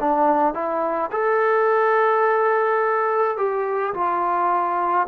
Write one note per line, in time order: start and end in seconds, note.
0.00 0.54 D4
0.54 1.11 E4
1.12 3.37 A4
3.37 3.94 G4
3.94 5.07 F4